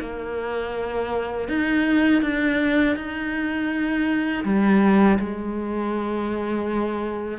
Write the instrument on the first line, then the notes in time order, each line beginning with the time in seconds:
cello
0.00 A#3
1.48 D#4
2.22 D4
2.96 D#4
4.44 G3
5.19 G#3